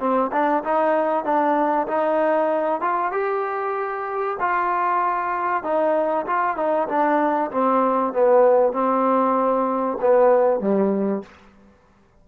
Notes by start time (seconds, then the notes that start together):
0.00 C4
0.32 D4
0.64 D#4
1.25 D4
1.88 D#4
2.81 F4
3.12 G4
4.40 F4
5.64 D#4
6.26 F4
6.57 D#4
6.88 D4
7.51 C4
8.13 B3
8.73 C4
10.01 B3
10.60 G3